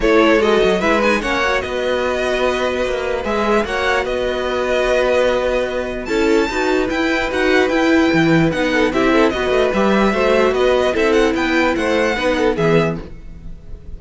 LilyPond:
<<
  \new Staff \with { instrumentName = "violin" } { \time 4/4 \tempo 4 = 148 cis''4 dis''4 e''8 gis''8 fis''4 | dis''1 | e''4 fis''4 dis''2~ | dis''2. a''4~ |
a''4 g''4 fis''4 g''4~ | g''4 fis''4 e''4 dis''4 | e''2 dis''4 e''8 fis''8 | g''4 fis''2 e''4 | }
  \new Staff \with { instrumentName = "violin" } { \time 4/4 a'2 b'4 cis''4 | b'1~ | b'4 cis''4 b'2~ | b'2. a'4 |
b'1~ | b'4. a'8 g'8 a'8 b'4~ | b'4 c''4 b'4 a'4 | b'4 c''4 b'8 a'8 gis'4 | }
  \new Staff \with { instrumentName = "viola" } { \time 4/4 e'4 fis'4 e'8 dis'8 cis'8 fis'8~ | fis'1 | gis'4 fis'2.~ | fis'2. e'4 |
fis'4 e'4 fis'4 e'4~ | e'4 dis'4 e'4 fis'4 | g'4 fis'2 e'4~ | e'2 dis'4 b4 | }
  \new Staff \with { instrumentName = "cello" } { \time 4/4 a4 gis8 fis8 gis4 ais4 | b2. ais4 | gis4 ais4 b2~ | b2. cis'4 |
dis'4 e'4 dis'4 e'4 | e4 b4 c'4 b8 a8 | g4 a4 b4 c'4 | b4 a4 b4 e4 | }
>>